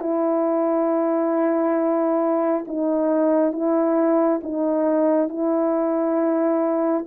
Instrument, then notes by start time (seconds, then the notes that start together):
horn
0.00 E4
2.68 D#4
3.53 E4
4.43 D#4
5.29 E4